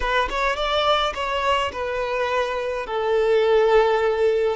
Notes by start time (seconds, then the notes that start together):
0.00 B4
0.29 C#5
0.56 D5
1.14 C#5
1.72 B4
2.86 A4